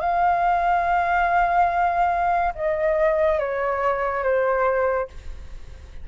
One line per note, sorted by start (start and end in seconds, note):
0.00 2.54 F5
2.55 3.39 D#5
3.39 4.23 C#5
4.23 5.08 C5